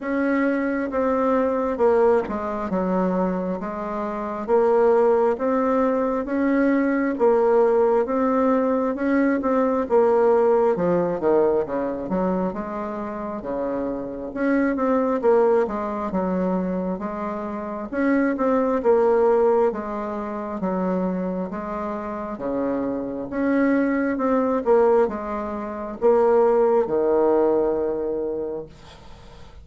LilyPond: \new Staff \with { instrumentName = "bassoon" } { \time 4/4 \tempo 4 = 67 cis'4 c'4 ais8 gis8 fis4 | gis4 ais4 c'4 cis'4 | ais4 c'4 cis'8 c'8 ais4 | f8 dis8 cis8 fis8 gis4 cis4 |
cis'8 c'8 ais8 gis8 fis4 gis4 | cis'8 c'8 ais4 gis4 fis4 | gis4 cis4 cis'4 c'8 ais8 | gis4 ais4 dis2 | }